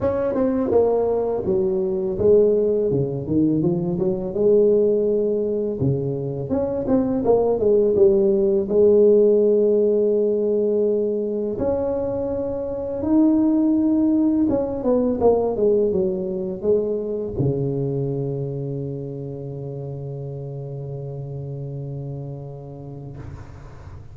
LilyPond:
\new Staff \with { instrumentName = "tuba" } { \time 4/4 \tempo 4 = 83 cis'8 c'8 ais4 fis4 gis4 | cis8 dis8 f8 fis8 gis2 | cis4 cis'8 c'8 ais8 gis8 g4 | gis1 |
cis'2 dis'2 | cis'8 b8 ais8 gis8 fis4 gis4 | cis1~ | cis1 | }